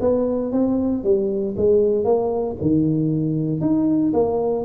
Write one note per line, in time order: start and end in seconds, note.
0.00 0.51 B3
0.51 1.03 C4
1.03 1.55 G3
1.56 2.04 G#3
2.04 2.56 A#3
2.61 3.60 D#3
3.60 4.12 D#4
4.13 4.65 A#3